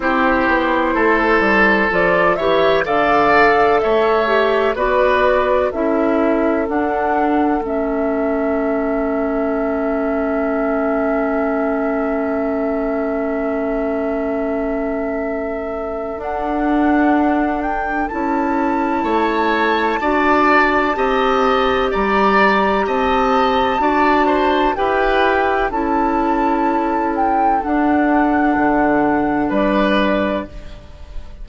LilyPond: <<
  \new Staff \with { instrumentName = "flute" } { \time 4/4 \tempo 4 = 63 c''2 d''8 e''8 f''4 | e''4 d''4 e''4 fis''4 | e''1~ | e''1~ |
e''4 fis''4. g''8 a''4~ | a''2. ais''4 | a''2 g''4 a''4~ | a''8 g''8 fis''2 d''4 | }
  \new Staff \with { instrumentName = "oboe" } { \time 4/4 g'4 a'4. cis''8 d''4 | cis''4 b'4 a'2~ | a'1~ | a'1~ |
a'1 | cis''4 d''4 dis''4 d''4 | dis''4 d''8 c''8 b'4 a'4~ | a'2. b'4 | }
  \new Staff \with { instrumentName = "clarinet" } { \time 4/4 e'2 f'8 g'8 a'4~ | a'8 g'8 fis'4 e'4 d'4 | cis'1~ | cis'1~ |
cis'4 d'2 e'4~ | e'4 fis'4 g'2~ | g'4 fis'4 g'4 e'4~ | e'4 d'2. | }
  \new Staff \with { instrumentName = "bassoon" } { \time 4/4 c'8 b8 a8 g8 f8 e8 d4 | a4 b4 cis'4 d'4 | a1~ | a1~ |
a4 d'2 cis'4 | a4 d'4 c'4 g4 | c'4 d'4 e'4 cis'4~ | cis'4 d'4 d4 g4 | }
>>